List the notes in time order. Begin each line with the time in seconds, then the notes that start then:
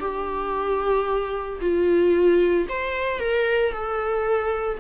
0.00 G4
1.61 F4
2.69 C5
3.20 A#4
3.72 A4